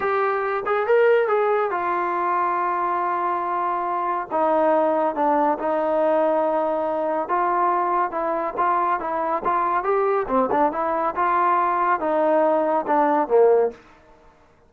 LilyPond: \new Staff \with { instrumentName = "trombone" } { \time 4/4 \tempo 4 = 140 g'4. gis'8 ais'4 gis'4 | f'1~ | f'2 dis'2 | d'4 dis'2.~ |
dis'4 f'2 e'4 | f'4 e'4 f'4 g'4 | c'8 d'8 e'4 f'2 | dis'2 d'4 ais4 | }